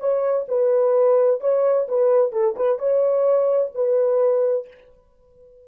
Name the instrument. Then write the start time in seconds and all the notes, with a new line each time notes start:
horn
0.00 C#5
0.48 B4
1.41 C#5
1.88 B4
2.33 A4
2.56 B4
2.79 C#5
3.75 B4